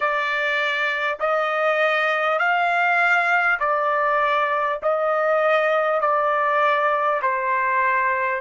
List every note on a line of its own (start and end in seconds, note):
0.00 1.17 D5
1.19 2.38 D#5
2.38 3.58 F5
3.59 4.79 D5
4.82 6.01 D#5
6.01 7.21 D5
7.22 8.41 C5